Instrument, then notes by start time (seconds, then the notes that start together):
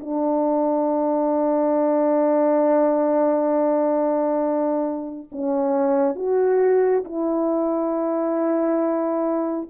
horn
0.00 D4
5.32 C#4
6.16 F#4
7.05 E4